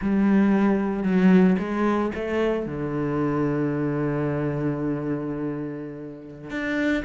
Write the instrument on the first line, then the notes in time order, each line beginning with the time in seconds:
cello
0.01 G3
1.03 F#3
1.58 G#3
2.15 A3
2.65 D3
6.50 D4